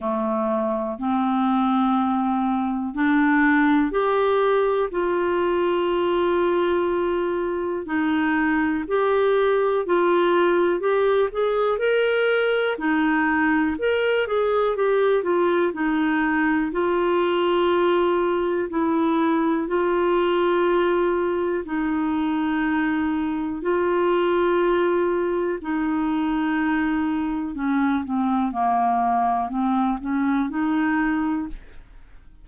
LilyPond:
\new Staff \with { instrumentName = "clarinet" } { \time 4/4 \tempo 4 = 61 a4 c'2 d'4 | g'4 f'2. | dis'4 g'4 f'4 g'8 gis'8 | ais'4 dis'4 ais'8 gis'8 g'8 f'8 |
dis'4 f'2 e'4 | f'2 dis'2 | f'2 dis'2 | cis'8 c'8 ais4 c'8 cis'8 dis'4 | }